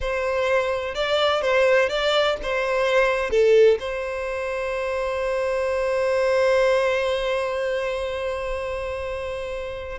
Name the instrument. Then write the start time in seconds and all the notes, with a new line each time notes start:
violin
0.00 C5
0.94 D5
1.41 C5
1.89 D5
2.42 C5
3.30 A4
3.79 C5